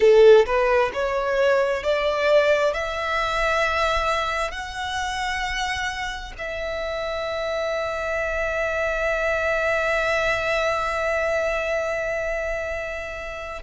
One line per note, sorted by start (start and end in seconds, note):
0.00 0.45 A4
0.45 0.91 B4
0.93 1.83 C#5
1.83 2.73 D5
2.73 4.51 E5
4.51 6.33 F#5
6.38 13.62 E5